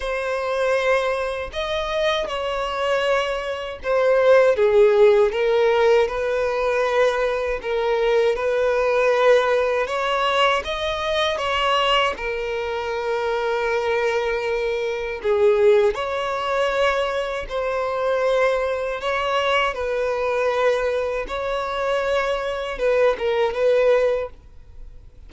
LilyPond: \new Staff \with { instrumentName = "violin" } { \time 4/4 \tempo 4 = 79 c''2 dis''4 cis''4~ | cis''4 c''4 gis'4 ais'4 | b'2 ais'4 b'4~ | b'4 cis''4 dis''4 cis''4 |
ais'1 | gis'4 cis''2 c''4~ | c''4 cis''4 b'2 | cis''2 b'8 ais'8 b'4 | }